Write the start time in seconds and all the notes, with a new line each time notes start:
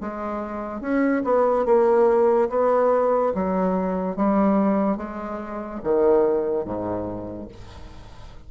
0.00 G#3
0.81 C#4
1.23 B3
1.65 A#3
2.49 B3
3.34 F#3
4.16 G3
4.97 G#3
5.83 D#3
6.64 G#2